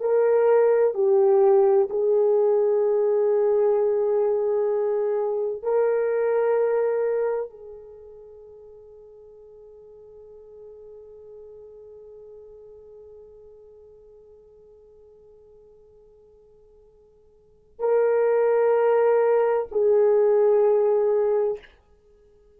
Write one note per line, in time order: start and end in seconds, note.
0.00 0.94 A#4
0.94 1.88 G4
1.89 5.62 G#4
5.62 7.50 A#4
7.50 17.79 G#4
17.79 19.67 A#4
19.71 21.58 G#4